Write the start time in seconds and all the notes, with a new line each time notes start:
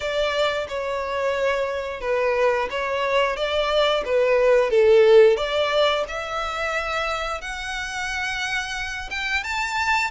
0.00 D5
0.68 C#5
2.00 B4
2.70 C#5
3.36 D5
4.04 B4
4.70 A4
5.37 D5
6.08 E5
7.41 F#5
9.10 G5
9.43 A5